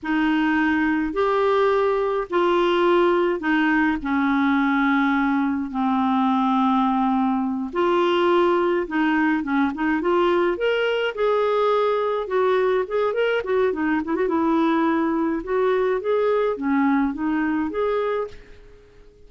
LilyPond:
\new Staff \with { instrumentName = "clarinet" } { \time 4/4 \tempo 4 = 105 dis'2 g'2 | f'2 dis'4 cis'4~ | cis'2 c'2~ | c'4. f'2 dis'8~ |
dis'8 cis'8 dis'8 f'4 ais'4 gis'8~ | gis'4. fis'4 gis'8 ais'8 fis'8 | dis'8 e'16 fis'16 e'2 fis'4 | gis'4 cis'4 dis'4 gis'4 | }